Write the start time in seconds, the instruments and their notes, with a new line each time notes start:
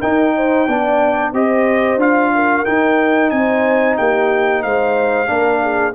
0.00 trombone D#4, tuba D#4, horn A#4, trumpet G5
0.36 horn C5
0.68 tuba B3, trombone D4, horn D5
1.33 tuba C4, trombone G4, horn C5, trumpet D#5
1.97 tuba D4, trombone F4, trumpet F5
2.35 horn A#4
2.65 trombone D#4, tuba D#4, trumpet G5
3.30 tuba C4, horn C5, trumpet G#5
3.97 tuba A#3, horn G4, trumpet G5
4.63 tuba G#3, horn C5, trumpet F5
5.27 tuba A#3, trombone D4, horn A#4
5.62 horn G#4